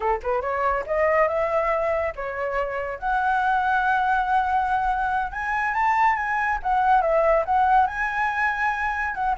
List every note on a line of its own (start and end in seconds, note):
0.00 0.19 A4
0.22 0.41 B4
0.41 0.84 C#5
0.86 1.28 D#5
1.28 2.13 E5
2.15 2.98 C#5
2.98 5.32 F#5
5.32 5.73 G#5
5.73 6.16 A5
6.16 6.58 G#5
6.62 7.01 F#5
7.01 7.44 E5
7.45 7.86 F#5
7.86 9.14 G#5
9.14 9.35 F#5